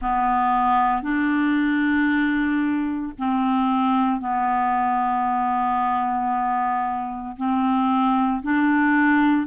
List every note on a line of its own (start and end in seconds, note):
0.01 1.02 B3
1.02 3.12 D4
3.18 4.20 C4
4.20 7.36 B3
7.36 8.42 C4
8.42 9.46 D4